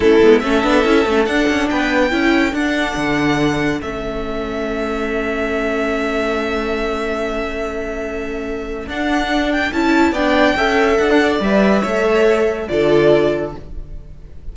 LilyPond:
<<
  \new Staff \with { instrumentName = "violin" } { \time 4/4 \tempo 4 = 142 a'4 e''2 fis''4 | g''2 fis''2~ | fis''4 e''2.~ | e''1~ |
e''1~ | e''4 fis''4. g''8 a''4 | g''2 fis''4 e''4~ | e''2 d''2 | }
  \new Staff \with { instrumentName = "violin" } { \time 4/4 e'4 a'2. | b'4 a'2.~ | a'1~ | a'1~ |
a'1~ | a'1 | d''4 e''4~ e''16 d'16 d''4. | cis''2 a'2 | }
  \new Staff \with { instrumentName = "viola" } { \time 4/4 cis'8 b8 cis'8 d'8 e'8 cis'8 d'4~ | d'4 e'4 d'2~ | d'4 cis'2.~ | cis'1~ |
cis'1~ | cis'4 d'2 e'4 | d'4 a'2 b'4 | a'2 f'2 | }
  \new Staff \with { instrumentName = "cello" } { \time 4/4 a8 gis8 a8 b8 cis'8 a8 d'8 cis'8 | b4 cis'4 d'4 d4~ | d4 a2.~ | a1~ |
a1~ | a4 d'2 cis'4 | b4 cis'4 d'4 g4 | a2 d2 | }
>>